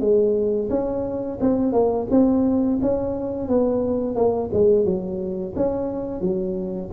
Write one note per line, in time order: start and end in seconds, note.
0.00 0.69 G#3
0.70 1.39 C#4
1.41 1.72 C4
1.72 2.07 A#3
2.10 2.79 C4
2.82 3.48 C#4
3.48 4.15 B3
4.15 4.50 A#3
4.53 4.85 G#3
4.85 5.54 F#3
5.56 6.21 C#4
6.21 6.90 F#3